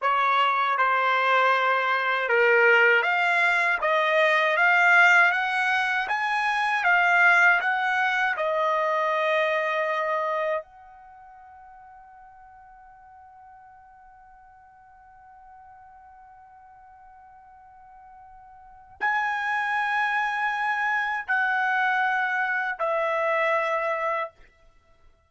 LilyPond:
\new Staff \with { instrumentName = "trumpet" } { \time 4/4 \tempo 4 = 79 cis''4 c''2 ais'4 | f''4 dis''4 f''4 fis''4 | gis''4 f''4 fis''4 dis''4~ | dis''2 fis''2~ |
fis''1~ | fis''1~ | fis''4 gis''2. | fis''2 e''2 | }